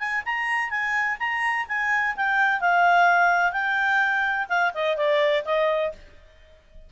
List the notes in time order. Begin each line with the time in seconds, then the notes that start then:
0.00 G#5
0.26 A#5
0.71 G#5
1.20 A#5
1.69 G#5
2.16 G5
2.61 F5
3.53 G5
4.49 F5
4.75 D#5
4.97 D5
5.45 D#5